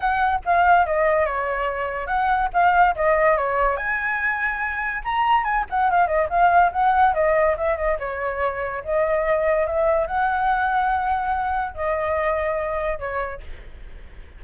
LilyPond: \new Staff \with { instrumentName = "flute" } { \time 4/4 \tempo 4 = 143 fis''4 f''4 dis''4 cis''4~ | cis''4 fis''4 f''4 dis''4 | cis''4 gis''2. | ais''4 gis''8 fis''8 f''8 dis''8 f''4 |
fis''4 dis''4 e''8 dis''8 cis''4~ | cis''4 dis''2 e''4 | fis''1 | dis''2. cis''4 | }